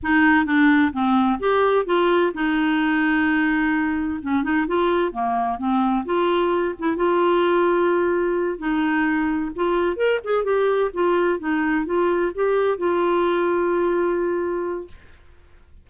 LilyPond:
\new Staff \with { instrumentName = "clarinet" } { \time 4/4 \tempo 4 = 129 dis'4 d'4 c'4 g'4 | f'4 dis'2.~ | dis'4 cis'8 dis'8 f'4 ais4 | c'4 f'4. e'8 f'4~ |
f'2~ f'8 dis'4.~ | dis'8 f'4 ais'8 gis'8 g'4 f'8~ | f'8 dis'4 f'4 g'4 f'8~ | f'1 | }